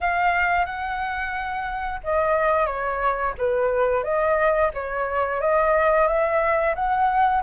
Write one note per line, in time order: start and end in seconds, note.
0.00 0.65 F5
0.65 2.00 F#5
2.03 2.66 D#5
2.66 3.34 C#5
3.38 4.03 B4
4.03 4.70 D#5
4.74 5.40 C#5
5.40 6.07 D#5
6.07 6.74 E5
6.75 7.42 F#5